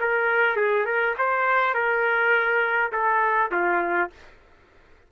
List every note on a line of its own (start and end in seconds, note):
0.00 0.56 A#4
0.56 0.85 G#4
0.85 1.14 A#4
1.18 1.74 C5
1.74 2.92 A#4
2.92 3.51 A4
3.51 4.10 F4